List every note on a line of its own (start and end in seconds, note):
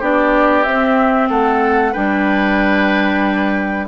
0.00 0.66 B3
0.00 0.65 D4
0.00 1.29 G4
0.00 0.64 D5
0.64 1.30 C4
0.64 1.94 C4
0.64 1.28 E5
1.30 1.95 A3
1.30 1.92 A4
1.30 1.94 F#5
1.92 3.89 G3
1.92 3.87 D4
1.92 3.86 B4
1.92 3.87 G5